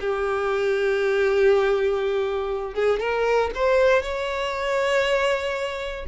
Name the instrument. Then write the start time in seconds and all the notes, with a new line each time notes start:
violin
0.00 G4
2.74 G#4
2.99 A#4
3.54 C5
4.02 C#5